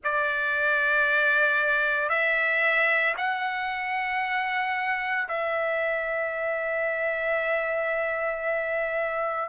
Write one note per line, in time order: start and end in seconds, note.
0.03 2.09 D5
2.09 3.14 E5
3.17 5.27 F#5
5.28 9.48 E5